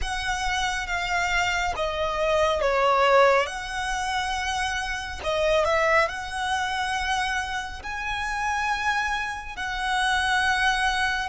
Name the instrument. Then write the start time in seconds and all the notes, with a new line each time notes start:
violin
0.01 F#5
0.87 F5
1.76 D#5
2.61 C#5
3.46 F#5
5.23 D#5
5.64 E5
6.08 F#5
7.82 G#5
9.56 F#5